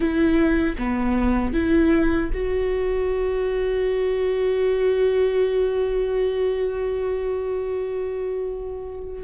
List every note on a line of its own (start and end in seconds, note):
0.00 0.76 E4
0.78 1.53 B3
1.53 2.30 E4
2.33 9.23 F#4